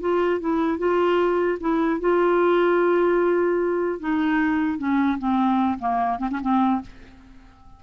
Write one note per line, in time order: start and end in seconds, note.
0.00 0.40 F4
0.40 0.78 E4
0.78 1.58 F4
1.60 2.00 E4
2.00 4.00 F4
4.00 4.78 D#4
4.78 5.18 C#4
5.18 5.78 C4
5.79 6.19 A#3
6.19 6.29 C4
6.31 6.41 C#4
6.41 6.81 C4